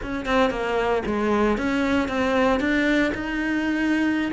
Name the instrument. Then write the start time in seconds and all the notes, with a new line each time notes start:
cello
0.02 C#4
0.25 C4
0.50 A#3
1.06 G#3
1.57 C#4
2.08 C4
2.59 D4
3.14 D#4